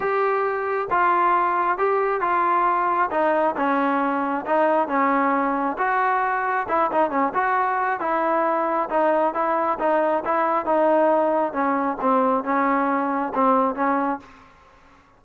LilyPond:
\new Staff \with { instrumentName = "trombone" } { \time 4/4 \tempo 4 = 135 g'2 f'2 | g'4 f'2 dis'4 | cis'2 dis'4 cis'4~ | cis'4 fis'2 e'8 dis'8 |
cis'8 fis'4. e'2 | dis'4 e'4 dis'4 e'4 | dis'2 cis'4 c'4 | cis'2 c'4 cis'4 | }